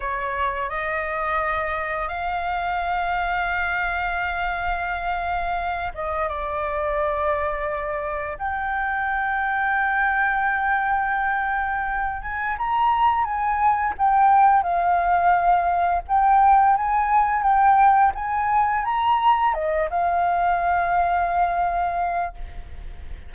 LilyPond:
\new Staff \with { instrumentName = "flute" } { \time 4/4 \tempo 4 = 86 cis''4 dis''2 f''4~ | f''1~ | f''8 dis''8 d''2. | g''1~ |
g''4. gis''8 ais''4 gis''4 | g''4 f''2 g''4 | gis''4 g''4 gis''4 ais''4 | dis''8 f''2.~ f''8 | }